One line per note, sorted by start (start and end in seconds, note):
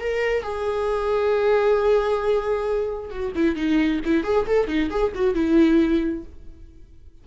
0.00 0.43 A#4
0.43 3.10 G#4
3.10 3.32 F#4
3.35 3.56 E4
3.56 4.00 D#4
4.05 4.24 E4
4.24 4.46 G#4
4.47 4.67 A4
4.67 4.90 D#4
4.90 5.12 G#4
5.15 5.34 F#4
5.34 6.24 E4